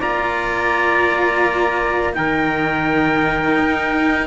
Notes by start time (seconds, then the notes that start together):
0.00 A#3 F4 D5 A#5
2.13 D#3 D#4 A#4 G5
3.59 D#4